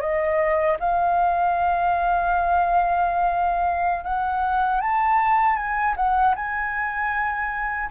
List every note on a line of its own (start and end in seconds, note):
0.00 0.77 D#5
0.79 4.03 F5
4.03 4.80 F#5
4.81 5.56 A5
5.56 5.94 G#5
5.96 6.35 F#5
6.35 7.89 G#5